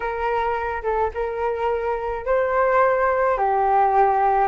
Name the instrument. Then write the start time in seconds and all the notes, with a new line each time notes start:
flute
0.00 A#4
0.82 A4
1.14 A#4
2.25 C5
3.37 G4